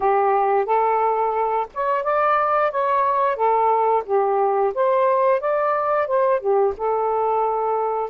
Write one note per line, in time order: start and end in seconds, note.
0.00 0.65 G4
0.65 1.66 A4
1.73 2.03 C#5
2.03 2.71 D5
2.71 3.36 C#5
3.36 4.03 A4
4.05 4.73 G4
4.74 5.40 C5
5.40 6.07 D5
6.07 6.40 C5
6.40 6.73 G4
6.77 8.10 A4